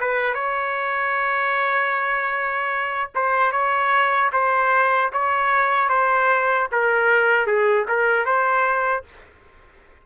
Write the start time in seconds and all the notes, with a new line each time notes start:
0.00 B4
0.34 C#5
3.15 C5
3.52 C#5
4.33 C5
5.13 C#5
5.89 C5
6.72 A#4
7.47 G#4
7.88 A#4
8.25 C5